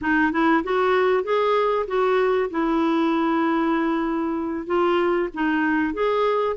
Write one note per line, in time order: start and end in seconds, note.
0.01 0.32 D#4
0.32 0.63 E4
0.63 1.23 F#4
1.23 1.86 G#4
1.87 2.49 F#4
2.50 4.66 E4
4.66 5.28 F4
5.34 5.93 D#4
5.93 6.56 G#4